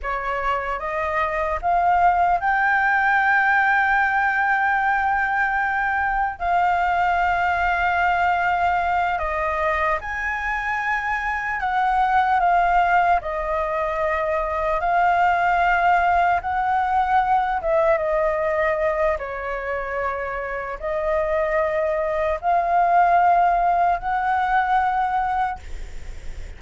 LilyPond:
\new Staff \with { instrumentName = "flute" } { \time 4/4 \tempo 4 = 75 cis''4 dis''4 f''4 g''4~ | g''1 | f''2.~ f''8 dis''8~ | dis''8 gis''2 fis''4 f''8~ |
f''8 dis''2 f''4.~ | f''8 fis''4. e''8 dis''4. | cis''2 dis''2 | f''2 fis''2 | }